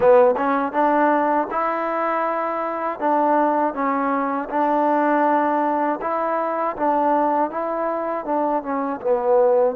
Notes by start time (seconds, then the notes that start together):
0.00 B3
0.36 C#4
0.72 D4
1.50 E4
2.99 D4
3.74 C#4
4.49 D4
6.01 E4
6.76 D4
7.50 E4
8.25 D4
8.62 C#4
9.01 B3